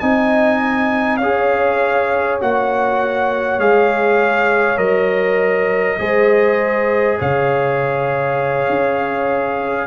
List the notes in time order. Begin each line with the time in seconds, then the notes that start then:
0.00 C4 D#4 D#5 G#5
1.17 C#4 G#4 C#5 F5
2.41 A#3 F#4 F#5
3.59 G#3 G#4 F5
4.77 F#3 A#4 D#5
5.99 G#3 G#4 C5
7.19 C#3 C#5 F5
8.69 C#4